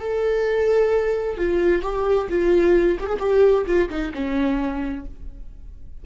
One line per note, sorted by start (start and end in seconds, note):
0.00 1.37 A4
1.37 1.82 F4
1.82 2.28 G4
2.30 2.99 F4
3.00 3.07 G4
3.07 3.18 G#4
3.20 3.65 G4
3.66 3.89 F4
3.90 4.12 D#4
4.14 5.06 C#4